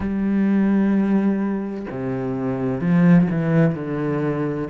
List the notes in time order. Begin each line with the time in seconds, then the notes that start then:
0.00 G3
1.90 C3
2.80 F3
3.30 E3
3.75 D3